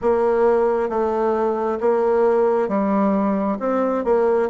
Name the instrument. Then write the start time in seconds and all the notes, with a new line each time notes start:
bassoon
0.01 A#3
0.89 A3
1.80 A#3
2.68 G3
3.59 C4
4.04 A#3